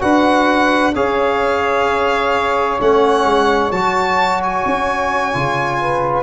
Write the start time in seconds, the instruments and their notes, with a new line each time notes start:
0.00 tuba D4, trombone F#4, saxophone B4, violin F#5
0.93 tuba C#4, trombone G#4, saxophone C#5, violin F5
2.79 tuba A3, trombone C#4, violin F#5
3.24 tuba G#3
3.71 tuba F#3, trombone F#4, violin A5
4.43 violin G#5
4.65 tuba C#4
5.33 tuba C#3, trombone F4
5.80 saxophone B4